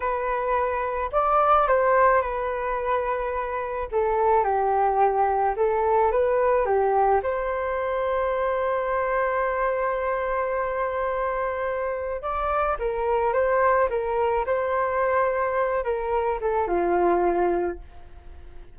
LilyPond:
\new Staff \with { instrumentName = "flute" } { \time 4/4 \tempo 4 = 108 b'2 d''4 c''4 | b'2. a'4 | g'2 a'4 b'4 | g'4 c''2.~ |
c''1~ | c''2 d''4 ais'4 | c''4 ais'4 c''2~ | c''8 ais'4 a'8 f'2 | }